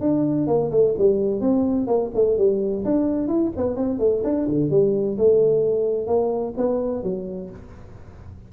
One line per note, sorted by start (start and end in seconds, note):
0.00 0.47 D4
0.47 0.70 A#3
0.71 0.94 A3
0.97 1.40 G3
1.40 1.86 C4
1.86 2.10 A#3
2.14 2.37 A3
2.37 2.84 G3
2.84 3.27 D4
3.27 3.51 E4
3.56 3.76 B3
3.76 3.99 C4
3.99 4.22 A3
4.24 4.47 D4
4.48 4.70 D3
4.70 5.17 G3
5.17 6.07 A3
6.07 6.53 A#3
6.56 7.03 B3
7.03 7.50 F#3